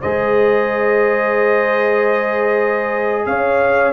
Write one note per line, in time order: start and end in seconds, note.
0.00 3.26 G#3
0.00 3.92 G#4
0.00 3.24 C5
0.00 3.25 D#5
3.26 3.92 C#4
3.26 3.92 C#5
3.26 3.92 F5